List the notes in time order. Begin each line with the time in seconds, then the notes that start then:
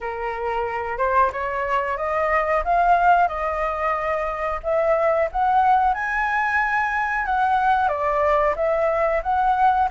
0.01 A#4
0.97 C5
1.32 C#5
1.97 D#5
2.64 F5
3.28 D#5
4.63 E5
5.31 F#5
5.93 G#5
7.25 F#5
7.88 D5
8.56 E5
9.22 F#5